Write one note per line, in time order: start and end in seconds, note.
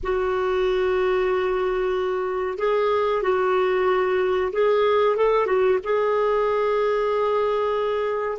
0.03 2.58 F#4
2.58 3.22 G#4
3.22 4.51 F#4
4.52 5.16 G#4
5.16 5.46 A4
5.46 5.78 F#4
5.84 8.38 G#4